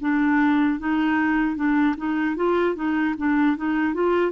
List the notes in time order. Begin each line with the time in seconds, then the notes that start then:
0.00 D4
0.79 D#4
1.55 D4
1.97 D#4
2.36 F4
2.75 D#4
3.17 D4
3.56 D#4
3.94 F4